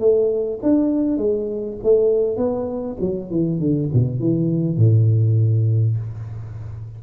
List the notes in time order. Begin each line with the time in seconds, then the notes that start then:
0.00 A3
0.63 D4
1.18 G#3
1.84 A3
2.37 B3
3.01 F#3
3.31 E3
3.60 D3
3.94 B2
4.20 E3
4.77 A2